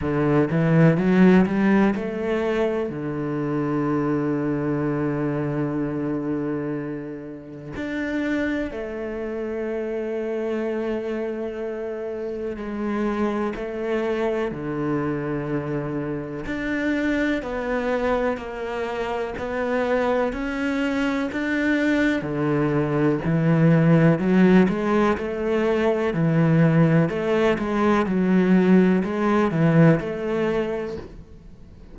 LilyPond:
\new Staff \with { instrumentName = "cello" } { \time 4/4 \tempo 4 = 62 d8 e8 fis8 g8 a4 d4~ | d1 | d'4 a2.~ | a4 gis4 a4 d4~ |
d4 d'4 b4 ais4 | b4 cis'4 d'4 d4 | e4 fis8 gis8 a4 e4 | a8 gis8 fis4 gis8 e8 a4 | }